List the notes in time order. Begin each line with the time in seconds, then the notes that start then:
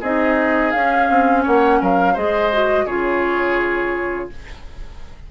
0.00 C4 D#4 G#4 D#5
0.71 C#4 F5
1.10 C4
1.43 A#3 C#5 F#5
1.81 F#3 A#4 F5
2.14 G#3 G#4 C5 D#5
2.53 F#4
2.86 C#3 F4 G#4 C#5